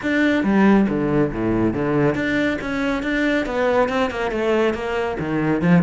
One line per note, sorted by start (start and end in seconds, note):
0.02 0.43 D4
0.43 0.86 G3
0.88 1.32 D3
1.32 1.73 A2
1.73 2.14 D3
2.14 2.58 D4
2.61 3.02 C#4
3.02 3.46 D4
3.46 3.88 B3
3.88 4.10 C4
4.10 4.31 A#3
4.31 4.74 A3
4.74 5.17 A#3
5.19 5.61 D#3
5.61 5.82 F3